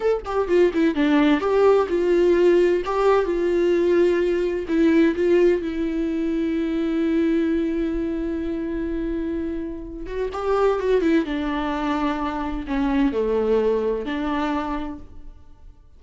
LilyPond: \new Staff \with { instrumentName = "viola" } { \time 4/4 \tempo 4 = 128 a'8 g'8 f'8 e'8 d'4 g'4 | f'2 g'4 f'4~ | f'2 e'4 f'4 | e'1~ |
e'1~ | e'4. fis'8 g'4 fis'8 e'8 | d'2. cis'4 | a2 d'2 | }